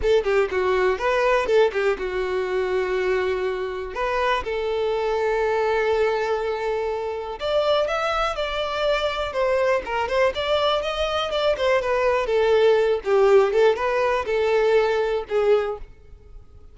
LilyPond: \new Staff \with { instrumentName = "violin" } { \time 4/4 \tempo 4 = 122 a'8 g'8 fis'4 b'4 a'8 g'8 | fis'1 | b'4 a'2.~ | a'2. d''4 |
e''4 d''2 c''4 | ais'8 c''8 d''4 dis''4 d''8 c''8 | b'4 a'4. g'4 a'8 | b'4 a'2 gis'4 | }